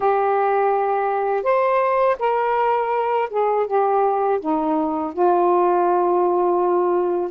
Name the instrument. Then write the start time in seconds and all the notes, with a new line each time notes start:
saxophone
0.00 G4
1.43 C5
2.19 A#4
3.30 G#4
3.67 G4
4.40 D#4
5.13 F4